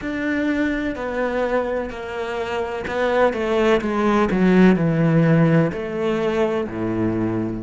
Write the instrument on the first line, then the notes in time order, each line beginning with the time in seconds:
cello
0.01 D4
0.95 B3
1.90 A#3
2.87 B3
3.33 A3
3.81 G#3
4.31 F#3
4.76 E3
5.72 A3
6.68 A2